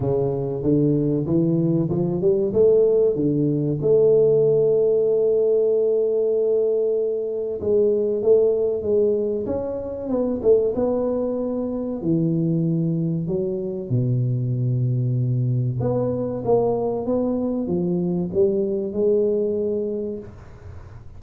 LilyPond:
\new Staff \with { instrumentName = "tuba" } { \time 4/4 \tempo 4 = 95 cis4 d4 e4 f8 g8 | a4 d4 a2~ | a1 | gis4 a4 gis4 cis'4 |
b8 a8 b2 e4~ | e4 fis4 b,2~ | b,4 b4 ais4 b4 | f4 g4 gis2 | }